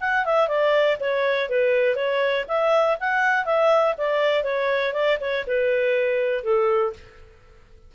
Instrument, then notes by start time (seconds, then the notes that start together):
clarinet
0.00 F#5
0.25 E5
0.48 D5
1.00 C#5
1.49 B4
1.95 C#5
2.48 E5
3.00 F#5
3.45 E5
3.97 D5
4.44 C#5
4.93 D5
5.20 C#5
5.47 B4
6.43 A4